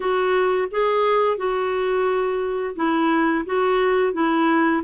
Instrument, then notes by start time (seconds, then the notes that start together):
clarinet
0.00 F#4
0.71 G#4
1.37 F#4
2.75 E4
3.45 F#4
4.13 E4